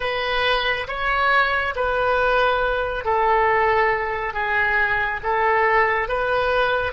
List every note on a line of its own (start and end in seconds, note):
0.00 0.87 B4
0.87 1.74 C#5
1.75 3.04 B4
3.04 4.33 A4
4.33 5.20 G#4
5.23 6.08 A4
6.08 6.92 B4